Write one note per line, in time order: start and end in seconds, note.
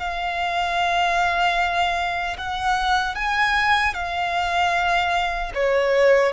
0.00 2.37 F5
2.38 3.15 F#5
3.15 3.94 G#5
3.94 5.52 F5
5.54 6.33 C#5